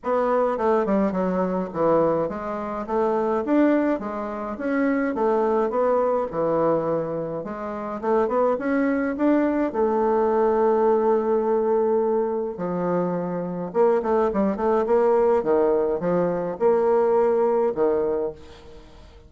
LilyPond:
\new Staff \with { instrumentName = "bassoon" } { \time 4/4 \tempo 4 = 105 b4 a8 g8 fis4 e4 | gis4 a4 d'4 gis4 | cis'4 a4 b4 e4~ | e4 gis4 a8 b8 cis'4 |
d'4 a2.~ | a2 f2 | ais8 a8 g8 a8 ais4 dis4 | f4 ais2 dis4 | }